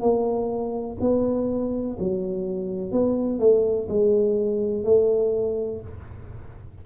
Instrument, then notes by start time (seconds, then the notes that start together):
tuba
0.00 A#3
1.00 B3
1.99 F#3
2.91 B3
3.39 A3
3.88 G#3
4.84 A3